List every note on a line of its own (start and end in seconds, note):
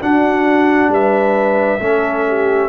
0.00 1.79 D4
0.00 0.89 D4
0.00 0.92 F#4
0.00 0.92 F#5
0.89 1.78 G3
0.89 1.82 B4
0.89 2.68 E5
1.80 2.68 A3
1.80 2.68 C#4
1.80 2.27 A4
2.28 2.68 G4